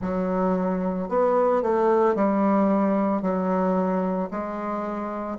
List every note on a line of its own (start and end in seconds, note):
0.01 1.08 F#3
1.08 1.62 B3
1.62 2.15 A3
2.15 3.21 G3
3.21 4.29 F#3
4.31 5.38 G#3